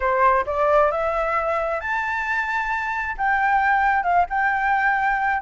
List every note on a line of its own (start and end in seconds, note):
0.00 0.45 C5
0.46 0.91 D5
0.91 1.80 E5
1.80 3.15 A5
3.17 4.03 G5
4.03 4.25 F5
4.29 5.42 G5